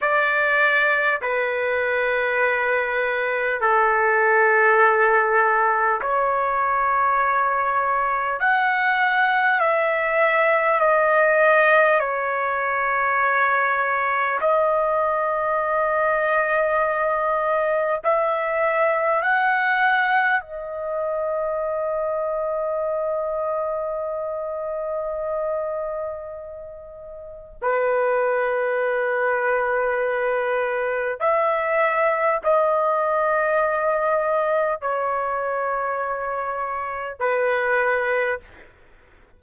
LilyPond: \new Staff \with { instrumentName = "trumpet" } { \time 4/4 \tempo 4 = 50 d''4 b'2 a'4~ | a'4 cis''2 fis''4 | e''4 dis''4 cis''2 | dis''2. e''4 |
fis''4 dis''2.~ | dis''2. b'4~ | b'2 e''4 dis''4~ | dis''4 cis''2 b'4 | }